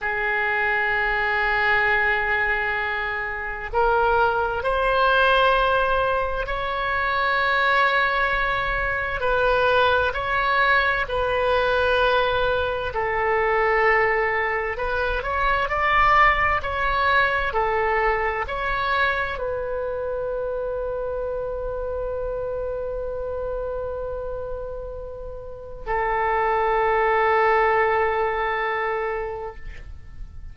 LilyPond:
\new Staff \with { instrumentName = "oboe" } { \time 4/4 \tempo 4 = 65 gis'1 | ais'4 c''2 cis''4~ | cis''2 b'4 cis''4 | b'2 a'2 |
b'8 cis''8 d''4 cis''4 a'4 | cis''4 b'2.~ | b'1 | a'1 | }